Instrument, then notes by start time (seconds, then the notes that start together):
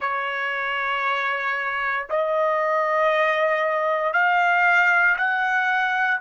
trumpet
0.00 C#5
2.09 D#5
4.13 F5
5.17 F#5